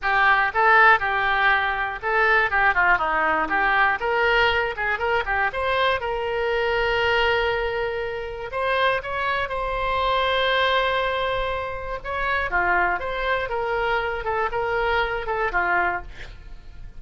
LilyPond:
\new Staff \with { instrumentName = "oboe" } { \time 4/4 \tempo 4 = 120 g'4 a'4 g'2 | a'4 g'8 f'8 dis'4 g'4 | ais'4. gis'8 ais'8 g'8 c''4 | ais'1~ |
ais'4 c''4 cis''4 c''4~ | c''1 | cis''4 f'4 c''4 ais'4~ | ais'8 a'8 ais'4. a'8 f'4 | }